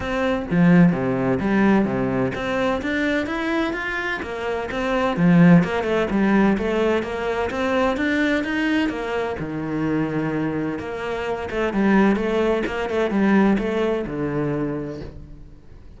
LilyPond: \new Staff \with { instrumentName = "cello" } { \time 4/4 \tempo 4 = 128 c'4 f4 c4 g4 | c4 c'4 d'4 e'4 | f'4 ais4 c'4 f4 | ais8 a8 g4 a4 ais4 |
c'4 d'4 dis'4 ais4 | dis2. ais4~ | ais8 a8 g4 a4 ais8 a8 | g4 a4 d2 | }